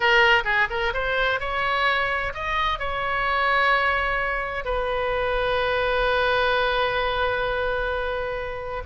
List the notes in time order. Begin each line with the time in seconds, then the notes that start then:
0.00 A#4
0.44 G#4
0.70 A#4
0.93 C5
1.40 C#5
2.33 D#5
2.79 C#5
4.64 B4